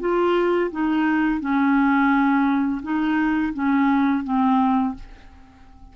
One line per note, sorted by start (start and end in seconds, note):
0.00 0.71 F4
0.71 1.40 D#4
1.40 2.81 C#4
2.82 3.53 D#4
3.53 4.24 C#4
4.24 4.94 C4